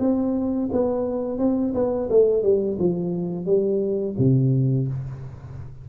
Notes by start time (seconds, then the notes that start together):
0.00 C4
0.72 B3
1.39 C4
1.74 B3
2.10 A3
2.43 G3
2.79 F3
3.46 G3
4.19 C3